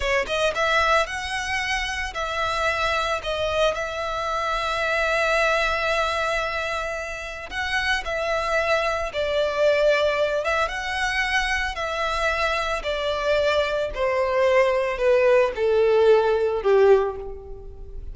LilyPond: \new Staff \with { instrumentName = "violin" } { \time 4/4 \tempo 4 = 112 cis''8 dis''8 e''4 fis''2 | e''2 dis''4 e''4~ | e''1~ | e''2 fis''4 e''4~ |
e''4 d''2~ d''8 e''8 | fis''2 e''2 | d''2 c''2 | b'4 a'2 g'4 | }